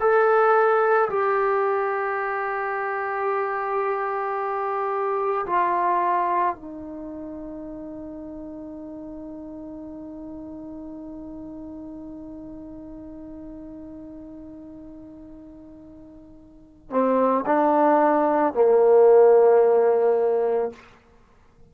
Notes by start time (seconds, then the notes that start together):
0.00 A4
1.10 G4
5.46 F4
6.56 D#4
16.90 C4
17.46 D4
18.54 A#3